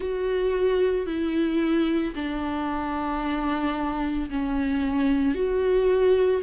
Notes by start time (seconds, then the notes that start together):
0.00 F#4
1.06 E4
2.15 D4
4.30 C#4
5.34 F#4